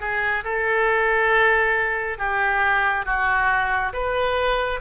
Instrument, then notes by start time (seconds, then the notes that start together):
oboe
0.00 G#4
0.44 A4
2.18 G4
3.05 F#4
3.92 B4